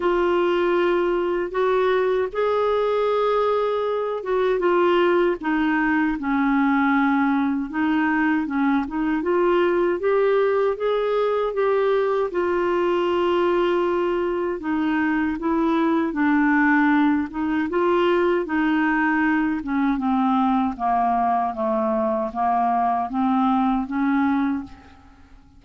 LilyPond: \new Staff \with { instrumentName = "clarinet" } { \time 4/4 \tempo 4 = 78 f'2 fis'4 gis'4~ | gis'4. fis'8 f'4 dis'4 | cis'2 dis'4 cis'8 dis'8 | f'4 g'4 gis'4 g'4 |
f'2. dis'4 | e'4 d'4. dis'8 f'4 | dis'4. cis'8 c'4 ais4 | a4 ais4 c'4 cis'4 | }